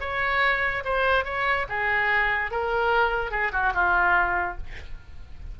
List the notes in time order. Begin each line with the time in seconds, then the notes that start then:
0.00 C#5
0.84 C5
1.24 C#5
1.69 G#4
2.51 A#4
3.31 G#4
3.52 F#4
3.74 F4